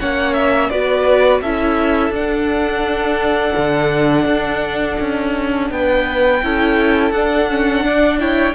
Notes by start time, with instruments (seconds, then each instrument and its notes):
0.00 cello A#3, viola C#4, violin C#5 F#5
0.34 violin E5
0.69 cello B3, viola F#4, violin B4 D5
1.42 cello C#4, viola E4, violin A4 E5
2.10 cello D4, viola D4, violin F#5
3.57 cello D3
4.25 cello D4
5.00 cello C#4
5.70 cello B3, violin B4 G5
6.43 cello C#4, viola E4, violin A4
7.11 cello D4, viola D4, violin F#5
7.50 viola C#4
7.84 viola D4, violin D5
8.19 viola E4, violin C#5 G5